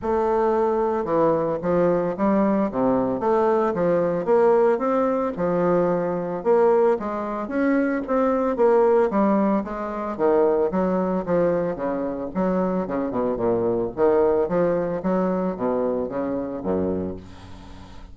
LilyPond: \new Staff \with { instrumentName = "bassoon" } { \time 4/4 \tempo 4 = 112 a2 e4 f4 | g4 c4 a4 f4 | ais4 c'4 f2 | ais4 gis4 cis'4 c'4 |
ais4 g4 gis4 dis4 | fis4 f4 cis4 fis4 | cis8 b,8 ais,4 dis4 f4 | fis4 b,4 cis4 fis,4 | }